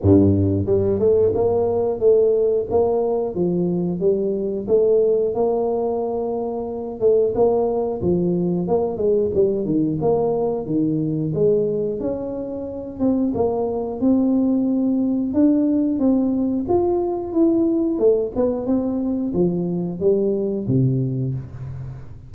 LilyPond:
\new Staff \with { instrumentName = "tuba" } { \time 4/4 \tempo 4 = 90 g,4 g8 a8 ais4 a4 | ais4 f4 g4 a4 | ais2~ ais8 a8 ais4 | f4 ais8 gis8 g8 dis8 ais4 |
dis4 gis4 cis'4. c'8 | ais4 c'2 d'4 | c'4 f'4 e'4 a8 b8 | c'4 f4 g4 c4 | }